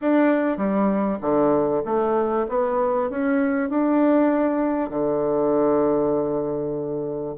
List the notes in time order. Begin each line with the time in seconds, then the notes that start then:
0.01 D4
0.57 G3
1.21 D3
1.85 A3
2.49 B3
3.10 C#4
3.69 D4
4.90 D3